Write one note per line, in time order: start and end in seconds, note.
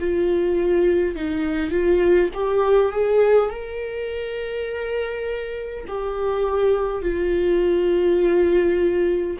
0.00 1.16 F4
1.16 1.71 D#4
1.71 2.30 F4
2.34 2.93 G4
2.93 3.50 G#4
3.50 5.86 A#4
5.88 7.02 G4
7.02 9.37 F4